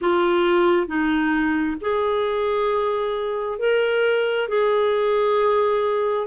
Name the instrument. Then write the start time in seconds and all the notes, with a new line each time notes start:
clarinet
0.01 F4
0.87 D#4
1.81 G#4
3.58 A#4
4.48 G#4